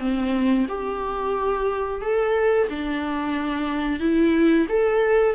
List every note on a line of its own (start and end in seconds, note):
0.00 0.67 C4
0.69 2.02 G4
2.02 2.68 A4
2.70 4.00 D4
4.00 4.67 E4
4.69 5.35 A4